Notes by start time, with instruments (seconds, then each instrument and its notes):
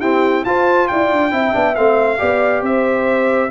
0.00 trombone C4, tuba E4, horn G4, trumpet G5
0.45 tuba F4, trombone F4, horn C5, trumpet A5
0.88 tuba E4, horn D5, trumpet G5
1.12 tuba D4
1.31 tuba C4, trombone E4, horn E5
1.53 tuba B3, trombone D4
1.76 tuba A3, trombone C4, trumpet F5
2.18 tuba B3, trombone G4, horn D5
2.62 tuba C4, horn C5, trumpet E5